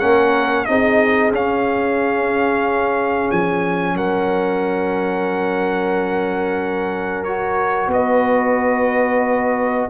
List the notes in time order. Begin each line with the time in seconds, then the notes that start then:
0.00 A#3 C#4 A#4 F#5
0.65 C4 D#4 G#4 D#5
1.31 C#4 F5
3.31 F3 G#5
3.95 F#3 A#4 F#5
7.24 F#4 C#5
7.87 B3 D#5
7.95 B4